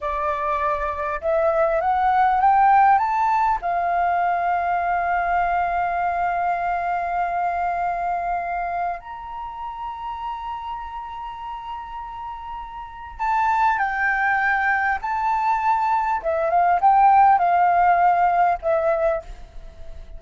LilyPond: \new Staff \with { instrumentName = "flute" } { \time 4/4 \tempo 4 = 100 d''2 e''4 fis''4 | g''4 a''4 f''2~ | f''1~ | f''2. ais''4~ |
ais''1~ | ais''2 a''4 g''4~ | g''4 a''2 e''8 f''8 | g''4 f''2 e''4 | }